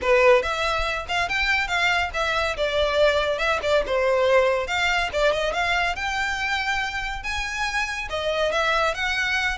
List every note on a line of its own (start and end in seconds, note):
0.01 0.42 B4
0.42 1.06 E5
1.08 1.28 F5
1.28 1.67 G5
1.67 2.10 F5
2.13 2.56 E5
2.56 3.38 D5
3.38 3.59 E5
3.62 3.83 D5
3.86 4.67 C5
4.67 5.09 F5
5.12 5.32 D5
5.32 5.53 D#5
5.53 5.95 F5
5.95 7.23 G5
7.23 8.08 G#5
8.09 8.52 D#5
8.52 8.94 E5
8.94 9.57 F#5